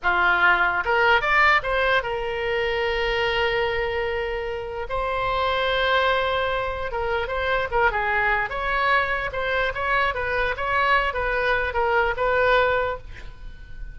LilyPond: \new Staff \with { instrumentName = "oboe" } { \time 4/4 \tempo 4 = 148 f'2 ais'4 d''4 | c''4 ais'2.~ | ais'1 | c''1~ |
c''4 ais'4 c''4 ais'8 gis'8~ | gis'4 cis''2 c''4 | cis''4 b'4 cis''4. b'8~ | b'4 ais'4 b'2 | }